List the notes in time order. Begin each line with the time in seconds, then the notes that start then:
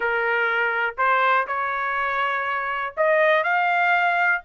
0.00 A#4
0.97 C5
1.47 C#5
2.96 D#5
3.43 F5